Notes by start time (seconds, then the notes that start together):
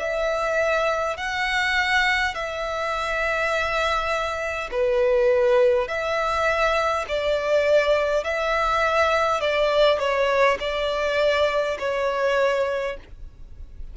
0.00 E5
1.18 F#5
2.35 E5
4.72 B4
5.88 E5
7.09 D5
8.24 E5
9.41 D5
9.99 C#5
10.60 D5
11.80 C#5